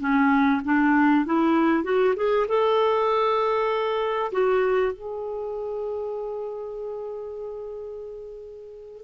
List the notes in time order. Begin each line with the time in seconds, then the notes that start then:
0.00 C#4
0.64 D4
1.25 E4
1.83 F#4
2.16 G#4
2.48 A4
4.32 F#4
4.92 G#4